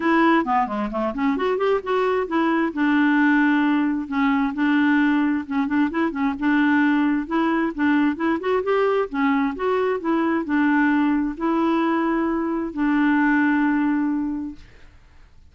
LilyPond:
\new Staff \with { instrumentName = "clarinet" } { \time 4/4 \tempo 4 = 132 e'4 b8 gis8 a8 cis'8 fis'8 g'8 | fis'4 e'4 d'2~ | d'4 cis'4 d'2 | cis'8 d'8 e'8 cis'8 d'2 |
e'4 d'4 e'8 fis'8 g'4 | cis'4 fis'4 e'4 d'4~ | d'4 e'2. | d'1 | }